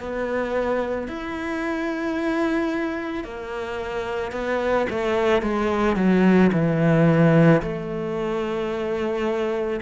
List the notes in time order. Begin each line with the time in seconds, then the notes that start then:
0.00 B3
1.08 E4
3.24 A#3
4.32 B3
4.89 A3
5.42 G#3
5.96 F#3
6.53 E3
7.62 A3